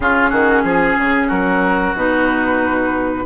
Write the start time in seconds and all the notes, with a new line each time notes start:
0.00 C#3 C#4 F4 G#4
0.29 D#3 F#4
0.63 F3 G#4
0.98 C#3
1.27 F#3 F#4 A#4
1.94 B2 D#4 B4